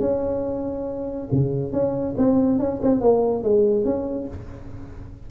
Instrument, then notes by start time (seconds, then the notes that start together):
tuba
0.00 C#4
1.32 C#3
1.72 C#4
2.17 C4
2.59 C#4
2.82 C4
3.01 A#3
3.43 G#3
3.85 C#4